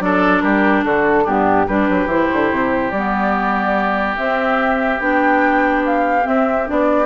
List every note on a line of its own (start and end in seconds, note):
0.00 0.42 F#3
0.00 1.25 D4
0.00 0.43 A4
0.00 0.41 D5
0.41 0.84 G3
0.41 0.85 G4
0.41 0.83 A#4
0.84 1.26 D3
0.84 1.24 F#4
0.84 1.26 A4
1.24 1.68 G2
1.24 1.67 B3
1.24 1.65 D4
1.24 1.67 G4
1.67 1.89 G3
1.67 2.09 D4
1.67 7.06 G4
1.67 2.09 B4
1.89 2.06 F#3
2.06 2.27 E3
2.06 2.93 E4
2.06 2.91 C5
2.33 2.51 D3
2.51 2.91 C3
2.91 4.16 G3
2.91 4.17 B3
2.91 4.16 D5
4.17 5.00 C4
4.17 5.00 E5
5.00 6.25 B3
5.00 6.22 D4
5.00 5.83 G5
5.86 6.27 F5
6.22 6.63 C4
6.22 6.68 C4
6.22 6.68 E5
6.66 7.06 B3
6.66 7.06 D4
6.66 7.06 D5